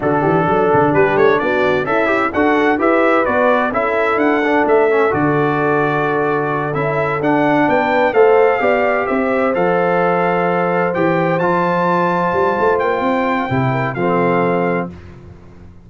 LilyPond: <<
  \new Staff \with { instrumentName = "trumpet" } { \time 4/4 \tempo 4 = 129 a'2 b'8 cis''8 d''4 | e''4 fis''4 e''4 d''4 | e''4 fis''4 e''4 d''4~ | d''2~ d''8 e''4 fis''8~ |
fis''8 g''4 f''2 e''8~ | e''8 f''2. g''8~ | g''8 a''2. g''8~ | g''2 f''2 | }
  \new Staff \with { instrumentName = "horn" } { \time 4/4 fis'8 g'8 a'4 g'4 fis'4 | e'4 a'4 b'2 | a'1~ | a'1~ |
a'8 b'4 c''4 d''4 c''8~ | c''1~ | c''1~ | c''4. ais'8 a'2 | }
  \new Staff \with { instrumentName = "trombone" } { \time 4/4 d'1 | a'8 g'8 fis'4 g'4 fis'4 | e'4. d'4 cis'8 fis'4~ | fis'2~ fis'8 e'4 d'8~ |
d'4. a'4 g'4.~ | g'8 a'2. g'8~ | g'8 f'2.~ f'8~ | f'4 e'4 c'2 | }
  \new Staff \with { instrumentName = "tuba" } { \time 4/4 d8 e8 fis8 d8 g8 a8 b4 | cis'4 d'4 e'4 b4 | cis'4 d'4 a4 d4~ | d2~ d8 cis'4 d'8~ |
d'8 b4 a4 b4 c'8~ | c'8 f2. e8~ | e8 f2 g8 a8 ais8 | c'4 c4 f2 | }
>>